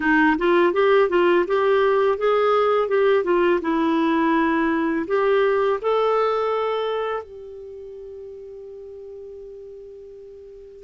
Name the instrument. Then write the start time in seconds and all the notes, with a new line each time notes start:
clarinet
0.00 D#4
0.38 F4
0.73 G4
1.09 F4
1.47 G4
2.18 G#4
2.88 G4
3.24 F4
3.61 E4
5.07 G4
5.81 A4
7.23 G4